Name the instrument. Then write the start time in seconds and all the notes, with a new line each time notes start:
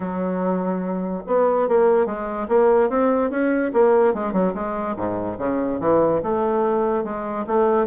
bassoon
0.00 F#3
1.27 B3
1.68 A#3
2.06 G#3
2.48 A#3
2.89 C4
3.30 C#4
3.73 A#3
4.14 G#3
4.33 F#3
4.54 G#3
4.96 G#2
5.38 C#3
5.80 E3
6.23 A3
7.04 G#3
7.46 A3